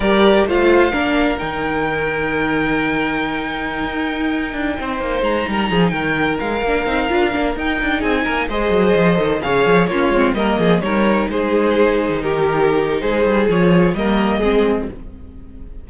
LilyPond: <<
  \new Staff \with { instrumentName = "violin" } { \time 4/4 \tempo 4 = 129 d''4 f''2 g''4~ | g''1~ | g''2.~ g''16 ais''8.~ | ais''8. g''4 f''2~ f''16~ |
f''16 g''4 gis''4 dis''4.~ dis''16~ | dis''16 f''4 cis''4 dis''4 cis''8.~ | cis''16 c''2 ais'4.~ ais'16 | c''4 cis''4 dis''2 | }
  \new Staff \with { instrumentName = "violin" } { \time 4/4 ais'4 c''4 ais'2~ | ais'1~ | ais'2~ ais'16 c''4. ais'16~ | ais'16 gis'8 ais'2.~ ais'16~ |
ais'4~ ais'16 gis'8 ais'8 c''4.~ c''16~ | c''16 cis''4 f'4 ais'8 gis'8 ais'8.~ | ais'16 gis'2 g'4.~ g'16 | gis'2 ais'4 gis'4 | }
  \new Staff \with { instrumentName = "viola" } { \time 4/4 g'4 f'4 d'4 dis'4~ | dis'1~ | dis'1~ | dis'2~ dis'16 d'8 dis'8 f'8 d'16~ |
d'16 dis'2 gis'4. a'16~ | a'16 gis'4 cis'8 c'8 ais4 dis'8.~ | dis'1~ | dis'4 f'4 ais4 c'4 | }
  \new Staff \with { instrumentName = "cello" } { \time 4/4 g4 a4 ais4 dis4~ | dis1~ | dis16 dis'4. d'8 c'8 ais8 gis8 g16~ | g16 f8 dis4 gis8 ais8 c'8 d'8 ais16~ |
ais16 dis'8 d'8 c'8 ais8 gis8 fis8 f8 dis16~ | dis16 cis8 f8 ais8 gis8 g8 f8 g8.~ | g16 gis4.~ gis16 dis2 | gis8 g8 f4 g4 gis4 | }
>>